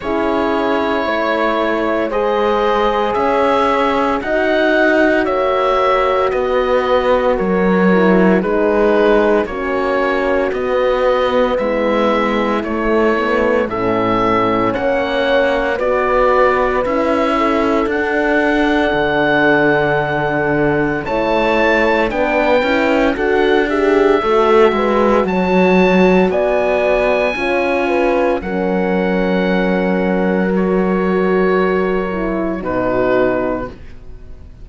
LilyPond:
<<
  \new Staff \with { instrumentName = "oboe" } { \time 4/4 \tempo 4 = 57 cis''2 dis''4 e''4 | fis''4 e''4 dis''4 cis''4 | b'4 cis''4 dis''4 e''4 | cis''4 e''4 fis''4 d''4 |
e''4 fis''2. | a''4 g''4 fis''8 e''4. | a''4 gis''2 fis''4~ | fis''4 cis''2 b'4 | }
  \new Staff \with { instrumentName = "horn" } { \time 4/4 gis'4 cis''4 c''4 cis''4 | dis''4 cis''4 b'4 ais'4 | gis'4 fis'2 e'4~ | e'4 a'4 cis''4 b'4~ |
b'8 a'2.~ a'8 | cis''4 b'4 a'8 gis'8 a'8 b'8 | cis''4 d''4 cis''8 b'8 ais'4~ | ais'2. fis'4 | }
  \new Staff \with { instrumentName = "horn" } { \time 4/4 e'2 gis'2 | fis'2.~ fis'8 e'8 | dis'4 cis'4 b2 | a8 b8 cis'2 fis'4 |
e'4 d'2. | e'4 d'8 e'8 fis'8 g'8 fis'4~ | fis'2 f'4 cis'4~ | cis'4 fis'4. e'8 dis'4 | }
  \new Staff \with { instrumentName = "cello" } { \time 4/4 cis'4 a4 gis4 cis'4 | dis'4 ais4 b4 fis4 | gis4 ais4 b4 gis4 | a4 a,4 ais4 b4 |
cis'4 d'4 d2 | a4 b8 cis'8 d'4 a8 gis8 | fis4 b4 cis'4 fis4~ | fis2. b,4 | }
>>